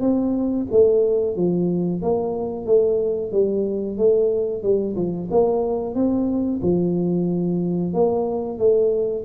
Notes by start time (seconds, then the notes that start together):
0.00 C4
0.71 A3
1.35 F3
2.01 A#3
2.66 A3
3.31 G3
3.97 A3
4.62 G3
4.95 F3
5.30 A#3
5.94 C4
6.62 F3
7.93 A#3
8.58 A3